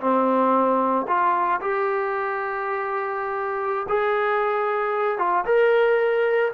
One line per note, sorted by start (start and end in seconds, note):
0.00 1.06 C4
1.07 1.60 F4
1.61 3.86 G4
3.88 5.18 G#4
5.18 5.44 F4
5.45 6.51 A#4